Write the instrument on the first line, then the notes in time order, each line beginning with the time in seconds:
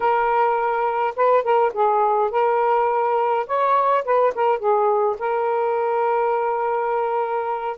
saxophone
0.00 A#4
1.16 B4
1.43 A#4
1.73 G#4
2.31 A#4
3.46 C#5
4.04 B4
4.34 A#4
4.58 G#4
5.18 A#4